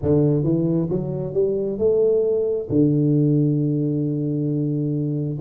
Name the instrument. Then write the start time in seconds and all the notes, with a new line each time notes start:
tuba
0.02 D3
0.43 E3
0.90 F#3
1.33 G3
1.78 A3
2.69 D3